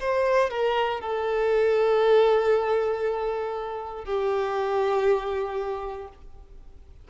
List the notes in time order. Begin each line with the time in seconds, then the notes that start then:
0.00 C5
0.50 A#4
1.00 A4
4.04 G4